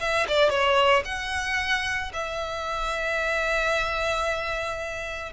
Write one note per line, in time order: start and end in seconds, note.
0.00 0.27 E5
0.28 0.50 D5
0.50 1.03 C#5
1.05 2.12 F#5
2.13 5.33 E5